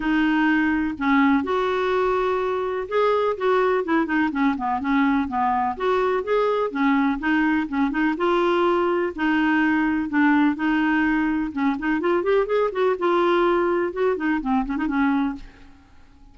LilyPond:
\new Staff \with { instrumentName = "clarinet" } { \time 4/4 \tempo 4 = 125 dis'2 cis'4 fis'4~ | fis'2 gis'4 fis'4 | e'8 dis'8 cis'8 b8 cis'4 b4 | fis'4 gis'4 cis'4 dis'4 |
cis'8 dis'8 f'2 dis'4~ | dis'4 d'4 dis'2 | cis'8 dis'8 f'8 g'8 gis'8 fis'8 f'4~ | f'4 fis'8 dis'8 c'8 cis'16 dis'16 cis'4 | }